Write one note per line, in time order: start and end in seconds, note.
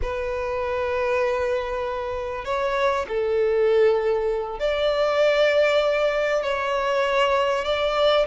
0.01 2.44 B4
2.44 3.06 C#5
3.08 4.59 A4
4.59 6.43 D5
6.43 7.64 C#5
7.64 8.26 D5